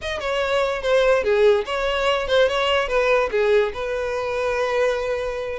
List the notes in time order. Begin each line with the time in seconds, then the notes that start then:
0.01 D#5
0.20 C#5
0.82 C5
1.23 G#4
1.65 C#5
2.27 C5
2.48 C#5
2.88 B4
3.31 G#4
3.73 B4